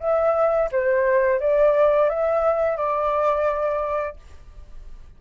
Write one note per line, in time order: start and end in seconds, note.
0.00 0.70 E5
0.72 1.40 C5
1.40 2.10 D5
2.10 2.77 E5
2.77 4.16 D5